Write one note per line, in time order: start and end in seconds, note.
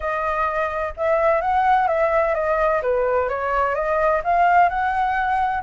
0.00 0.94 D#5
0.97 1.41 E5
1.41 1.87 F#5
1.87 2.34 E5
2.34 2.81 D#5
2.82 3.29 B4
3.29 3.75 C#5
3.75 4.21 D#5
4.24 4.69 F5
4.69 5.62 F#5